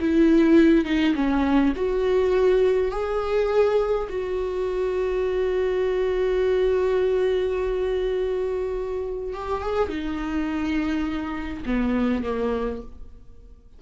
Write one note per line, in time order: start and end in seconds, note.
0.00 0.85 E4
0.85 1.14 D#4
1.15 1.73 C#4
1.76 2.91 F#4
2.91 4.08 G#4
4.09 9.33 F#4
9.34 9.61 G4
9.61 9.89 G#4
9.89 11.63 D#4
11.66 12.23 B3
12.23 12.81 A#3